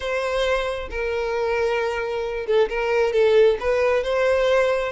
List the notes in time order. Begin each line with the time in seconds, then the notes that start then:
0.00 C5
0.90 A#4
2.46 A4
2.69 A#4
3.12 A4
3.60 B4
4.03 C5